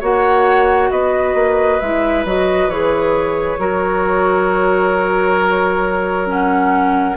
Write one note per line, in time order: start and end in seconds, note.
0.00 0.91 A#3
0.00 1.81 F#4
0.00 0.90 C#5
0.00 0.91 F#5
0.91 1.35 B3
0.91 3.60 B4
0.91 1.80 D#5
1.35 1.79 A#3
1.80 2.25 G#3
1.80 2.26 E4
1.80 2.25 E5
2.25 2.67 F#3
2.25 2.71 F#4
2.25 2.70 D#5
2.67 3.57 E3
2.67 3.58 G#4
2.67 6.28 C#5
3.58 7.17 F#3
3.58 6.26 F#4
3.58 7.17 A#4
6.26 7.15 C#4
6.26 7.17 F#5